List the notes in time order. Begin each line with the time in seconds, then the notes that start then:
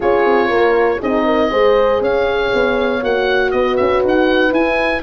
0.00 C#4 F4 G#4 C#5
0.25 C4
0.48 A#3 A#4
0.99 C4 D#4 G#4 D#5
1.25 A#4
1.50 G#3 G#4 C5
2.00 C#4 C#5 F5
2.53 B3
3.02 A#3 F#4 F#5
3.51 B3 B4 D#5
3.76 C#4 E5
4.04 D#4 F#5
4.51 E4 G#5